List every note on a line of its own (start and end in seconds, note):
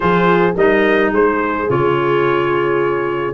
0.00 0.55 F3
0.00 0.52 F4
0.00 0.55 G#4
0.00 0.55 C5
0.55 1.11 G3
0.55 1.67 D#4
0.55 1.11 A#4
0.55 1.13 D#5
1.11 1.67 G#3
1.11 3.34 G#4
1.11 1.70 C5
1.67 3.34 C#3
1.67 3.34 F4
1.67 3.34 C#5